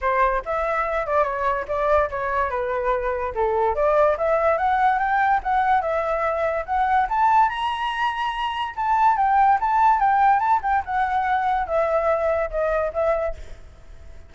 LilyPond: \new Staff \with { instrumentName = "flute" } { \time 4/4 \tempo 4 = 144 c''4 e''4. d''8 cis''4 | d''4 cis''4 b'2 | a'4 d''4 e''4 fis''4 | g''4 fis''4 e''2 |
fis''4 a''4 ais''2~ | ais''4 a''4 g''4 a''4 | g''4 a''8 g''8 fis''2 | e''2 dis''4 e''4 | }